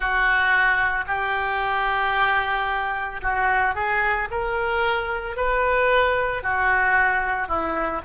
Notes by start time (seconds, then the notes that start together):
0.00 F#4
1.07 G4
3.21 F#4
3.75 G#4
4.31 A#4
5.36 B4
6.42 F#4
7.48 E4